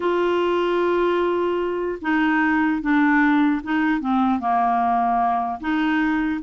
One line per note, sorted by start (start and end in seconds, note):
0.00 1.98 F4
2.01 2.81 D#4
2.81 3.61 D4
3.63 4.00 D#4
4.00 4.39 C4
4.39 5.59 A#3
5.60 6.40 D#4